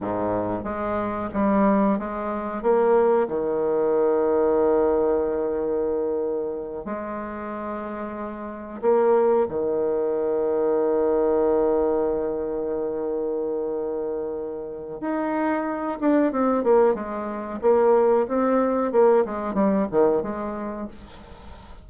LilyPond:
\new Staff \with { instrumentName = "bassoon" } { \time 4/4 \tempo 4 = 92 gis,4 gis4 g4 gis4 | ais4 dis2.~ | dis2~ dis8 gis4.~ | gis4. ais4 dis4.~ |
dis1~ | dis2. dis'4~ | dis'8 d'8 c'8 ais8 gis4 ais4 | c'4 ais8 gis8 g8 dis8 gis4 | }